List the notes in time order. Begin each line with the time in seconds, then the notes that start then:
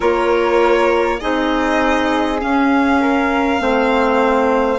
0.00 A#3 F4 A#4 C#5
1.20 C4 D#4 G#4 D#5
2.40 C#4 F5
3.00 A#4
3.58 A3 C4 C5